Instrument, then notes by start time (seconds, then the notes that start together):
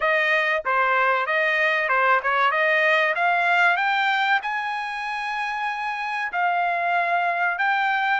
trumpet
0.00 D#5
0.65 C5
1.26 D#5
1.89 C5
2.22 C#5
2.51 D#5
3.15 F5
3.76 G5
4.42 G#5
6.32 F5
7.58 G5